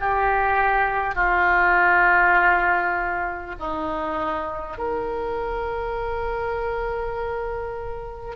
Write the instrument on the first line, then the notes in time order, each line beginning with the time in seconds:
oboe
0.00 G4
1.15 F4
3.60 D#4
4.78 A#4